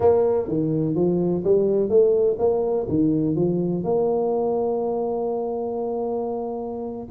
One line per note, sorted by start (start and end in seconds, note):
0.00 0.48 A#3
0.48 0.95 D#3
0.95 1.43 F3
1.44 1.89 G3
1.89 2.37 A3
2.39 2.87 A#3
2.88 3.35 D#3
3.35 3.83 F3
3.83 7.07 A#3